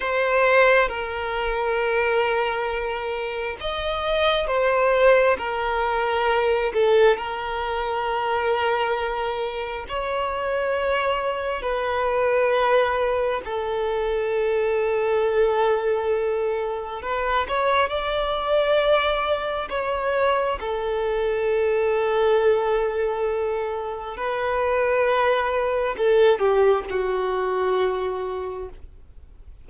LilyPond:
\new Staff \with { instrumentName = "violin" } { \time 4/4 \tempo 4 = 67 c''4 ais'2. | dis''4 c''4 ais'4. a'8 | ais'2. cis''4~ | cis''4 b'2 a'4~ |
a'2. b'8 cis''8 | d''2 cis''4 a'4~ | a'2. b'4~ | b'4 a'8 g'8 fis'2 | }